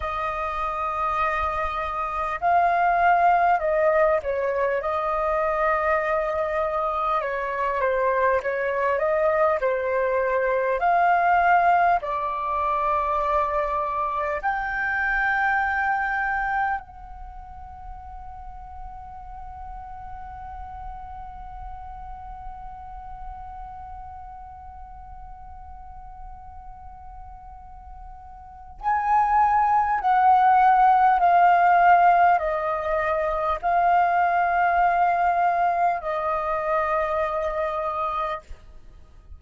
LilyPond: \new Staff \with { instrumentName = "flute" } { \time 4/4 \tempo 4 = 50 dis''2 f''4 dis''8 cis''8 | dis''2 cis''8 c''8 cis''8 dis''8 | c''4 f''4 d''2 | g''2 fis''2~ |
fis''1~ | fis''1 | gis''4 fis''4 f''4 dis''4 | f''2 dis''2 | }